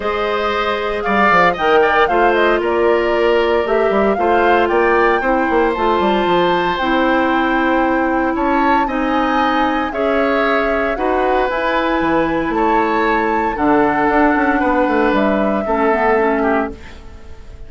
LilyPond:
<<
  \new Staff \with { instrumentName = "flute" } { \time 4/4 \tempo 4 = 115 dis''2 f''4 g''4 | f''8 dis''8 d''2 e''4 | f''4 g''2 a''4~ | a''4 g''2. |
a''4 gis''2 e''4~ | e''4 fis''4 gis''2 | a''2 fis''2~ | fis''4 e''2. | }
  \new Staff \with { instrumentName = "oboe" } { \time 4/4 c''2 d''4 dis''8 d''8 | c''4 ais'2. | c''4 d''4 c''2~ | c''1 |
cis''4 dis''2 cis''4~ | cis''4 b'2. | cis''2 a'2 | b'2 a'4. g'8 | }
  \new Staff \with { instrumentName = "clarinet" } { \time 4/4 gis'2. ais'4 | f'2. g'4 | f'2 e'4 f'4~ | f'4 e'2.~ |
e'4 dis'2 gis'4~ | gis'4 fis'4 e'2~ | e'2 d'2~ | d'2 cis'8 b8 cis'4 | }
  \new Staff \with { instrumentName = "bassoon" } { \time 4/4 gis2 g8 f8 dis4 | a4 ais2 a8 g8 | a4 ais4 c'8 ais8 a8 g8 | f4 c'2. |
cis'4 c'2 cis'4~ | cis'4 dis'4 e'4 e4 | a2 d4 d'8 cis'8 | b8 a8 g4 a2 | }
>>